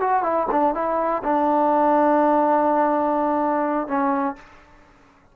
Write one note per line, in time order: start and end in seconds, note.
0.00 0.23 F#4
0.23 0.47 E4
0.51 0.75 D4
0.75 1.23 E4
1.24 3.87 D4
3.87 4.36 C#4